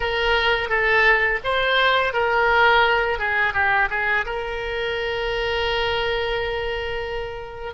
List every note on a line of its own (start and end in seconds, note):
0.00 0.69 A#4
0.69 1.39 A4
1.43 2.13 C5
2.13 3.18 A#4
3.18 3.53 G#4
3.53 3.88 G4
3.90 4.25 G#4
4.25 7.73 A#4